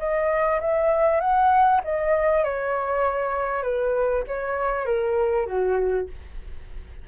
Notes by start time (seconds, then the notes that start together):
0.00 D#5
0.61 E5
1.21 F#5
1.84 D#5
2.44 C#5
3.63 B4
4.28 C#5
4.86 A#4
5.47 F#4